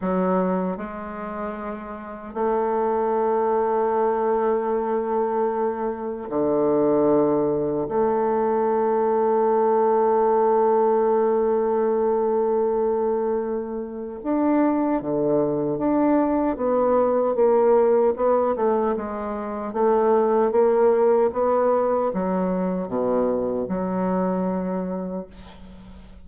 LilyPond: \new Staff \with { instrumentName = "bassoon" } { \time 4/4 \tempo 4 = 76 fis4 gis2 a4~ | a1 | d2 a2~ | a1~ |
a2 d'4 d4 | d'4 b4 ais4 b8 a8 | gis4 a4 ais4 b4 | fis4 b,4 fis2 | }